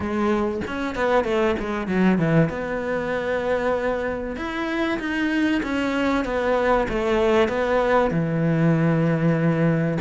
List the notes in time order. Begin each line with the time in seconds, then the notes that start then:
0.00 G#3
0.67 C#4
0.95 B3
1.24 A3
1.59 G#3
1.87 F#3
2.18 E3
2.49 B3
4.36 E4
4.99 D#4
5.62 C#4
6.24 B3
6.88 A3
7.48 B3
8.10 E3